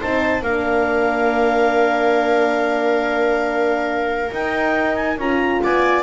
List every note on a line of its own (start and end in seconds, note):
0.00 0.42 C4
0.00 0.43 D#4
0.00 0.44 C5
0.00 0.43 A5
0.42 4.31 A#3
0.42 4.32 D4
0.42 5.62 A#4
0.42 4.32 F5
4.32 5.18 D#4
4.32 5.19 D#4
4.32 4.96 G5
4.96 5.18 G#5
5.18 5.61 C#4
5.18 6.03 F4
5.18 5.63 A#5
5.64 6.03 B3
5.64 6.03 D5
5.64 6.03 G#5